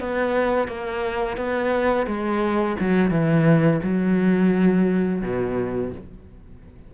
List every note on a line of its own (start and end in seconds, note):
0.00 0.68 B3
0.68 1.37 A#3
1.37 2.07 B3
2.07 2.76 G#3
2.80 3.11 F#3
3.11 3.81 E3
3.83 5.22 F#3
5.22 5.91 B2